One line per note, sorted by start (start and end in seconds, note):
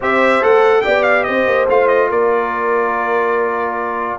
0.00 0.43 C4
0.00 0.41 G4
0.00 0.83 C5
0.00 0.43 E5
0.41 0.85 A3
0.41 0.83 A4
0.41 0.81 F#5
0.81 1.28 B3
0.81 1.67 G4
0.81 1.26 D5
0.81 1.02 G5
1.02 1.23 F5
1.23 1.46 C4
1.23 2.09 C5
1.23 1.65 D#5
1.46 1.67 A#3
1.68 2.10 A3
1.68 4.18 F4
1.68 1.88 F5
1.88 2.09 D#5
2.09 4.18 A#3
2.09 4.18 A#4
2.09 4.18 D5